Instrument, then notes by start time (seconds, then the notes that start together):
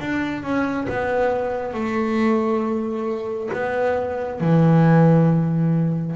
double bass
0.00 D4
0.43 C#4
0.89 B3
1.74 A3
3.53 B3
4.40 E3